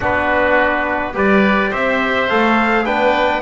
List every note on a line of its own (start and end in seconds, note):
0.00 1.14 B3
0.00 1.13 D4
0.00 1.13 F#4
0.00 1.17 B4
1.13 1.71 G3
1.13 2.27 G4
1.13 1.70 B4
1.13 1.73 D5
1.70 2.29 C4
1.70 2.84 C5
1.70 2.29 E5
2.29 2.86 A3
2.29 2.85 A4
2.29 2.85 F5
2.85 3.41 B3
2.85 3.41 D4
2.85 3.41 B4
2.85 3.41 G5